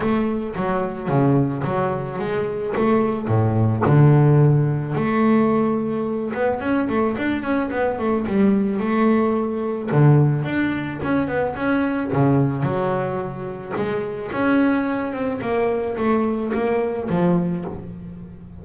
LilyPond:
\new Staff \with { instrumentName = "double bass" } { \time 4/4 \tempo 4 = 109 a4 fis4 cis4 fis4 | gis4 a4 a,4 d4~ | d4 a2~ a8 b8 | cis'8 a8 d'8 cis'8 b8 a8 g4 |
a2 d4 d'4 | cis'8 b8 cis'4 cis4 fis4~ | fis4 gis4 cis'4. c'8 | ais4 a4 ais4 f4 | }